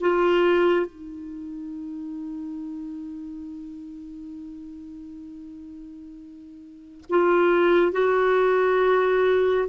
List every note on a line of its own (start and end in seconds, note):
0.00 0.86 F4
0.86 7.03 D#4
7.09 7.92 F4
7.92 9.68 F#4